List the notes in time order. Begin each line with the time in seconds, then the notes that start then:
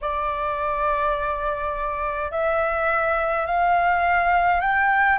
0.01 D5
2.31 E5
3.46 F5
4.60 G5